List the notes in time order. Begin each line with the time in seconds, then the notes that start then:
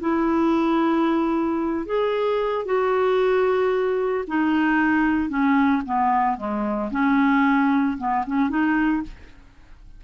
0.00 E4
1.85 G#4
2.65 F#4
4.27 D#4
5.29 C#4
5.85 B3
6.37 G#3
6.91 C#4
7.97 B3
8.26 C#4
8.49 D#4